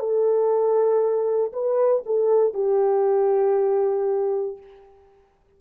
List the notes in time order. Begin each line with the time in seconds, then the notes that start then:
0.00 A4
1.53 B4
2.06 A4
2.54 G4